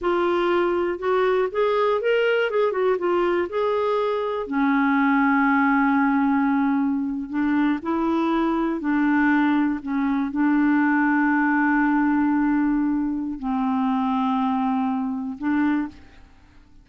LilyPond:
\new Staff \with { instrumentName = "clarinet" } { \time 4/4 \tempo 4 = 121 f'2 fis'4 gis'4 | ais'4 gis'8 fis'8 f'4 gis'4~ | gis'4 cis'2.~ | cis'2~ cis'8. d'4 e'16~ |
e'4.~ e'16 d'2 cis'16~ | cis'8. d'2.~ d'16~ | d'2. c'4~ | c'2. d'4 | }